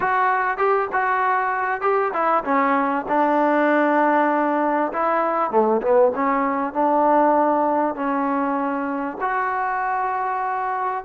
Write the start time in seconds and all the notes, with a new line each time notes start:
0.00 F#4
0.57 G4
0.92 F#4
1.81 G4
2.13 E4
2.44 C#4
3.08 D4
4.93 E4
5.50 A3
5.81 B3
6.15 C#4
6.73 D4
7.95 C#4
9.21 F#4